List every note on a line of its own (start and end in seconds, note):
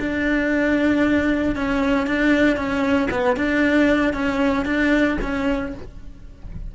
0.00 1.56 D4
1.56 2.07 C#4
2.07 2.56 D4
2.56 3.09 C#4
3.11 3.36 B3
3.36 4.13 D4
4.13 4.65 C#4
4.65 5.17 D4
5.22 5.74 C#4